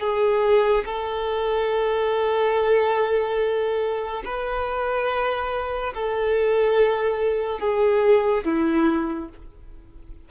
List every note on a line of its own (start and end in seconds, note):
0.00 0.85 G#4
0.85 4.23 A4
4.25 5.94 B4
5.94 7.59 A4
7.59 8.44 G#4
8.44 9.29 E4